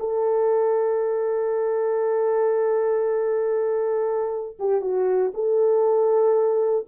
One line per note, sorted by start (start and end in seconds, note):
0.00 4.58 A4
4.60 4.82 G4
4.82 5.33 F#4
5.34 6.87 A4